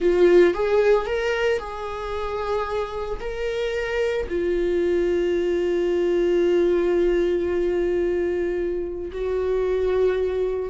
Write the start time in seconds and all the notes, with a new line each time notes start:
0.00 F4
0.54 G#4
1.06 A#4
1.59 G#4
3.20 A#4
4.29 F4
9.11 F#4